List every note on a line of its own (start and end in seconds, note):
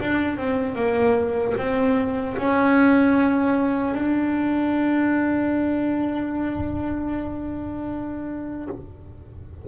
0.00 0.37 D4
0.37 0.75 C4
0.75 1.54 A#3
1.57 2.36 C4
2.36 3.94 C#4
3.94 8.67 D4